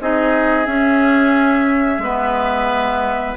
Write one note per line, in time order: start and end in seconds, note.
0.00 0.67 C4
0.00 0.66 D#4
0.00 2.03 G#4
0.00 0.66 D#5
0.66 2.01 C#4
0.66 1.98 C#4
0.66 3.36 E5
1.98 3.33 G#3
1.98 3.37 B3
1.98 3.37 B4